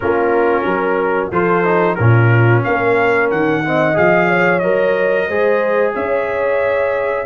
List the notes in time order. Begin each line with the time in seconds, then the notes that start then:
0.00 A#3 C#4 F4 A#4
0.64 F#3 A#4
1.31 F3 F4 A4 C5
1.64 D#4
1.95 A#2 C#4 F4 A#4
2.64 A#3 A#4 F5
3.30 D#3 F#5
3.64 C4 D#5
3.94 F3 G#4 F5
4.27 C#5
4.59 F#3 A#4 D#5
5.27 G#3 G#4 C5
5.94 C#4 C#5 E5